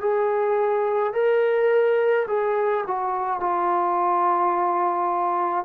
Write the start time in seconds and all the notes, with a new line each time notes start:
0.00 G#4
1.13 A#4
2.27 G#4
2.87 F#4
3.40 F4